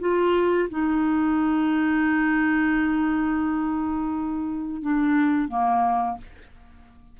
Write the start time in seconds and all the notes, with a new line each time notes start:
0.00 F4
0.70 D#4
4.82 D4
5.48 A#3